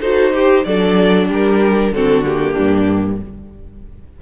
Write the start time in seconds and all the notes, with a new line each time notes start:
0.00 D#4 F#4 A4 C5
0.33 G4
0.64 F#3 D4 A4 D5
1.28 G3 G4 A#4
1.91 D3 C4 F#4 A4
2.24 A#3 G4
2.52 G2 D4